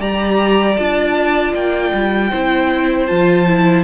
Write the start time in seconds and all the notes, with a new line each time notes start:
0.00 G3 G4 D5 A#5
0.77 D4 F4 A5
1.54 A#3 G5
1.94 G3
2.30 C4 E4 C5
3.07 F3 F4 A5
3.48 E4